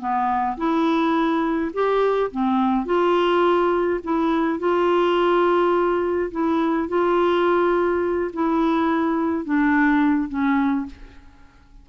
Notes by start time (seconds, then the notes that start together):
0.00 B3
0.57 E4
1.74 G4
2.32 C4
2.86 F4
4.04 E4
4.59 F4
6.32 E4
6.89 F4
8.34 E4
9.45 D4
10.29 C#4